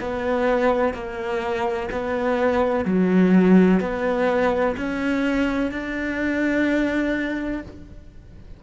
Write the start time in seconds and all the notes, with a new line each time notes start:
0.00 B3
0.94 A#3
1.91 B3
2.84 F#3
3.80 B3
4.77 C#4
5.71 D4